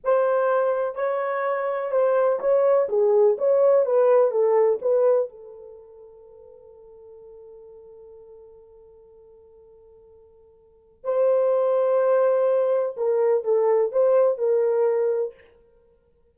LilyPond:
\new Staff \with { instrumentName = "horn" } { \time 4/4 \tempo 4 = 125 c''2 cis''2 | c''4 cis''4 gis'4 cis''4 | b'4 a'4 b'4 a'4~ | a'1~ |
a'1~ | a'2. c''4~ | c''2. ais'4 | a'4 c''4 ais'2 | }